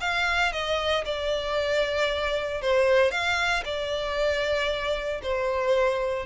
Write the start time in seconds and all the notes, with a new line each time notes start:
0.00 F5
0.52 D#5
1.05 D5
2.61 C5
3.11 F5
3.64 D5
5.22 C5